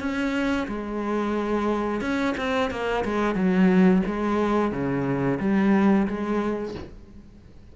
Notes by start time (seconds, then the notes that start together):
0.00 C#4
0.68 G#3
2.01 C#4
2.38 C4
2.71 A#3
3.05 G#3
3.35 F#3
4.07 G#3
4.72 C#3
5.40 G3
6.08 G#3